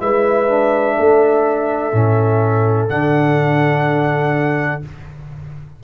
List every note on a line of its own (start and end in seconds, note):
0.00 0.98 G#3
0.00 0.48 E4
0.00 0.97 B4
0.00 2.89 E5
0.48 1.92 D4
0.97 1.93 A3
0.97 4.84 A4
1.92 2.90 A2
1.92 2.89 C#4
2.89 4.83 D3
2.89 4.82 D4
2.89 4.83 F#5